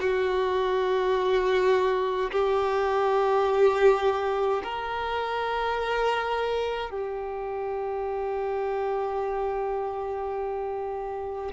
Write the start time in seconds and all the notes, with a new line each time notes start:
0.00 F#4
2.31 G4
4.64 A#4
6.90 G4